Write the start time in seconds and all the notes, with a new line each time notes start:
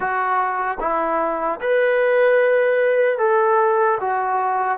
0.00 F#4
0.80 E4
1.60 B4
3.18 A4
4.00 F#4